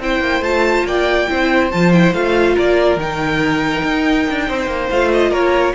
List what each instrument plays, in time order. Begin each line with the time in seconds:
0.00 cello C4, viola E4, violin C5 G5
0.20 cello A#3
0.41 cello A3, viola F4, violin A5
0.85 cello A#3, violin D5 G5
1.28 cello C4, viola E4, violin C5
1.72 cello F3, viola F4, violin A5
1.93 viola E4, violin G5
2.13 cello A3, viola F4, violin F5
2.55 cello A#3, violin A#4 D5
2.97 cello D#3, viola D#4, violin G5
3.83 cello D#4
4.30 cello D4
4.48 cello C4, violin C5
4.67 cello A#3
4.90 cello A3, viola F4, violin F5
5.13 violin D#5
5.31 cello A#3, violin A#4 C#5